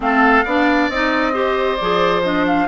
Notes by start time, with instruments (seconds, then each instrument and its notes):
0.00 bassoon A3, clarinet C4, oboe A4, flute F5
0.44 bassoon B3, clarinet D4, oboe D5
0.89 bassoon C4, clarinet D#4, flute D#5
1.32 clarinet G4, oboe C5
1.76 bassoon F3, clarinet G#4, flute D5
2.23 clarinet D4, flute D#5
2.46 flute F5